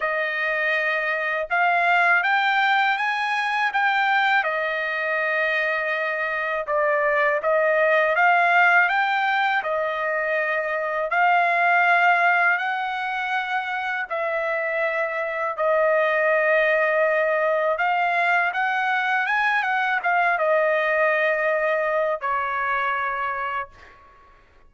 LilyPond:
\new Staff \with { instrumentName = "trumpet" } { \time 4/4 \tempo 4 = 81 dis''2 f''4 g''4 | gis''4 g''4 dis''2~ | dis''4 d''4 dis''4 f''4 | g''4 dis''2 f''4~ |
f''4 fis''2 e''4~ | e''4 dis''2. | f''4 fis''4 gis''8 fis''8 f''8 dis''8~ | dis''2 cis''2 | }